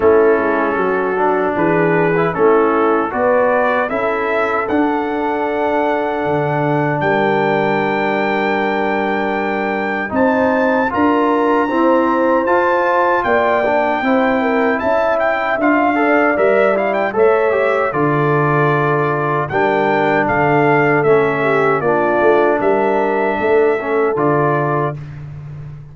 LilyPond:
<<
  \new Staff \with { instrumentName = "trumpet" } { \time 4/4 \tempo 4 = 77 a'2 b'4 a'4 | d''4 e''4 fis''2~ | fis''4 g''2.~ | g''4 a''4 ais''2 |
a''4 g''2 a''8 g''8 | f''4 e''8 f''16 g''16 e''4 d''4~ | d''4 g''4 f''4 e''4 | d''4 e''2 d''4 | }
  \new Staff \with { instrumentName = "horn" } { \time 4/4 e'4 fis'4 gis'4 e'4 | b'4 a'2.~ | a'4 ais'2.~ | ais'4 c''4 ais'4 c''4~ |
c''4 d''4 c''8 ais'8 e''4~ | e''8 d''4. cis''4 a'4~ | a'4 ais'4 a'4. g'8 | f'4 ais'4 a'2 | }
  \new Staff \with { instrumentName = "trombone" } { \time 4/4 cis'4. d'4~ d'16 e'16 cis'4 | fis'4 e'4 d'2~ | d'1~ | d'4 dis'4 f'4 c'4 |
f'4. d'8 e'2 | f'8 a'8 ais'8 e'8 a'8 g'8 f'4~ | f'4 d'2 cis'4 | d'2~ d'8 cis'8 f'4 | }
  \new Staff \with { instrumentName = "tuba" } { \time 4/4 a8 gis8 fis4 e4 a4 | b4 cis'4 d'2 | d4 g2.~ | g4 c'4 d'4 e'4 |
f'4 ais4 c'4 cis'4 | d'4 g4 a4 d4~ | d4 g4 d4 a4 | ais8 a8 g4 a4 d4 | }
>>